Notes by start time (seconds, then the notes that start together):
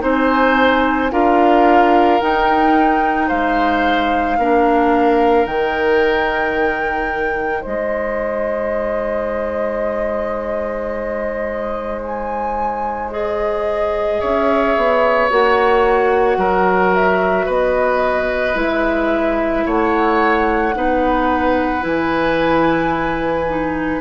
0.00 C4 D#4 C5 G#5
1.11 D4 F4 A#4 F5
2.20 D#4 G5
3.27 G#3 C5 F5
4.37 A#3 D4 A#4
5.45 D#3 D#4 G5
7.61 G#3 C5 D#5
12.01 G#5
13.11 G#4 D#5
14.20 C#4 C#5 E5
14.77 B3
15.30 A#3 F#4 F#5
16.37 F#3 A#4
16.95 E5
17.45 B3 B4 D#5
18.54 G#3 E4 E5
19.65 A3 C#5 F#5
20.75 B3 D#4 B4
21.81 E3 E4 G#5
23.48 D#4